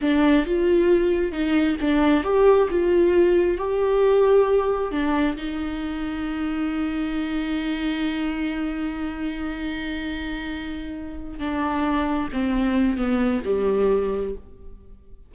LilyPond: \new Staff \with { instrumentName = "viola" } { \time 4/4 \tempo 4 = 134 d'4 f'2 dis'4 | d'4 g'4 f'2 | g'2. d'4 | dis'1~ |
dis'1~ | dis'1~ | dis'4. d'2 c'8~ | c'4 b4 g2 | }